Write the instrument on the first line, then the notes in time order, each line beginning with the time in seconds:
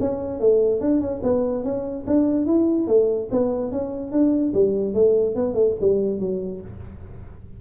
tuba
0.00 C#4
0.40 A3
0.80 D4
1.01 C#4
1.23 B3
1.64 C#4
2.07 D4
2.46 E4
2.87 A3
3.31 B3
3.71 C#4
4.12 D4
4.54 G3
4.94 A3
5.35 B3
5.54 A3
5.81 G3
6.20 F#3